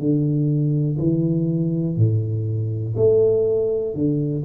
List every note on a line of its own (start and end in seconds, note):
0.00 0.98 D3
0.99 1.97 E3
1.97 2.96 A2
2.97 3.95 A3
3.95 4.44 D3